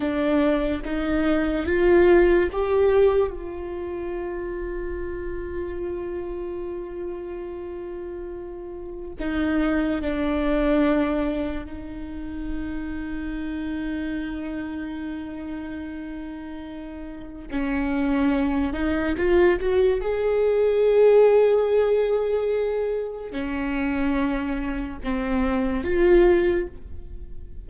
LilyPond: \new Staff \with { instrumentName = "viola" } { \time 4/4 \tempo 4 = 72 d'4 dis'4 f'4 g'4 | f'1~ | f'2. dis'4 | d'2 dis'2~ |
dis'1~ | dis'4 cis'4. dis'8 f'8 fis'8 | gis'1 | cis'2 c'4 f'4 | }